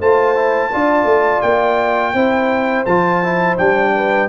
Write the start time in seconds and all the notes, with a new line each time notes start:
0.00 A3 F4 C5 A5
0.36 E4
0.72 D4 F4 D5
1.04 A3
1.42 A#3 G5
2.14 C4 E4 C5
2.86 F3 F4 A5
3.24 E4
3.58 G3 D4 G5
3.96 B4